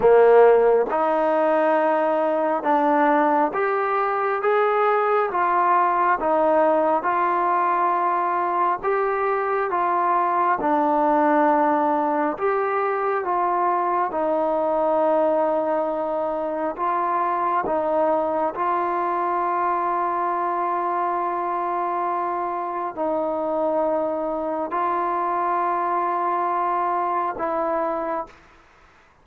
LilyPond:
\new Staff \with { instrumentName = "trombone" } { \time 4/4 \tempo 4 = 68 ais4 dis'2 d'4 | g'4 gis'4 f'4 dis'4 | f'2 g'4 f'4 | d'2 g'4 f'4 |
dis'2. f'4 | dis'4 f'2.~ | f'2 dis'2 | f'2. e'4 | }